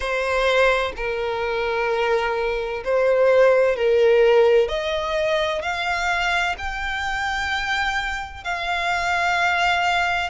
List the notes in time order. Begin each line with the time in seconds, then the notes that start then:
0.00 C5
0.96 A#4
2.84 C5
3.75 A#4
4.68 D#5
5.62 F5
6.58 G5
8.44 F5